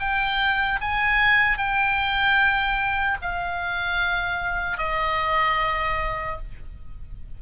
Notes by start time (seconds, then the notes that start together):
0.00 G5
0.81 G#5
1.58 G5
3.22 F5
4.78 D#5